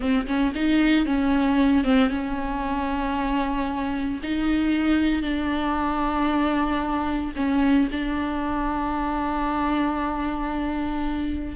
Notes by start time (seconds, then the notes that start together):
0.00 C4
0.26 C#4
0.55 D#4
1.05 C#4
1.83 C4
2.09 C#4
4.22 D#4
5.22 D4
7.36 C#4
7.91 D4